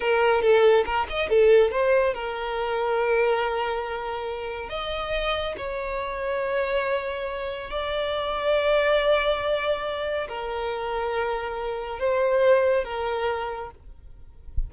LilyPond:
\new Staff \with { instrumentName = "violin" } { \time 4/4 \tempo 4 = 140 ais'4 a'4 ais'8 dis''8 a'4 | c''4 ais'2.~ | ais'2. dis''4~ | dis''4 cis''2.~ |
cis''2 d''2~ | d''1 | ais'1 | c''2 ais'2 | }